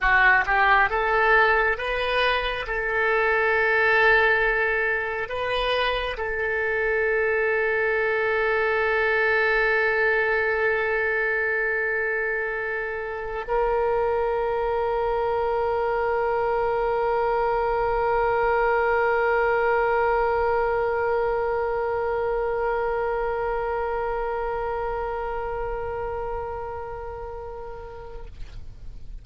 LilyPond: \new Staff \with { instrumentName = "oboe" } { \time 4/4 \tempo 4 = 68 fis'8 g'8 a'4 b'4 a'4~ | a'2 b'4 a'4~ | a'1~ | a'2.~ a'16 ais'8.~ |
ais'1~ | ais'1~ | ais'1~ | ais'1 | }